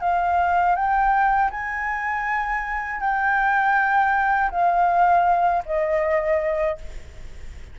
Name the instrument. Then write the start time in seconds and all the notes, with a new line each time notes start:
flute
0.00 F5
0.75 G5
1.50 G#5
3.00 G5
4.50 F5
5.65 D#5